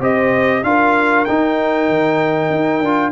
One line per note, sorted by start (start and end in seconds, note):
0.00 0.62 C4
0.00 0.63 G4
0.00 0.63 C5
0.00 0.64 D#5
0.64 1.26 D4
0.64 1.27 F4
0.64 3.12 A#4
0.64 1.25 F5
1.25 2.84 D#4
1.25 1.89 D#4
1.25 3.12 G5
1.89 2.50 D#3
2.50 2.81 D#4
2.81 3.12 D4
2.81 3.12 F4